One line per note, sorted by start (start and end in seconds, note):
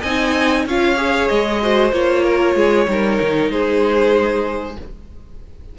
0.00 0.66 C4
0.00 0.68 D#4
0.00 0.63 D#5
0.00 0.65 G#5
0.66 1.29 C#4
0.66 0.96 F4
0.66 1.62 C#5
0.66 1.28 F5
0.96 1.59 G#4
1.28 1.92 G#3
1.28 1.91 D#5
1.62 1.92 F#4
1.62 2.24 C5
1.92 2.55 A#3
1.92 2.87 F4
1.92 3.51 C#5
2.24 2.56 A#4
2.55 2.87 G#3
2.55 2.88 G#4
2.87 3.19 G3
2.87 4.76 D#4
2.87 3.52 A#4
3.21 3.50 D#3
3.50 4.76 G#3
3.50 4.78 G#4
3.50 4.77 C5